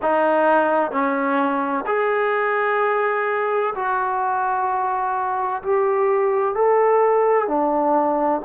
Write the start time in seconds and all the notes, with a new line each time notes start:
0.02 D#4
0.91 C#4
1.86 G#4
3.75 F#4
5.62 G4
6.54 A4
7.47 D4